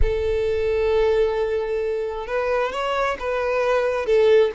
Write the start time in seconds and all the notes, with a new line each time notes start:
0.01 A4
2.27 B4
2.71 C#5
3.19 B4
4.06 A4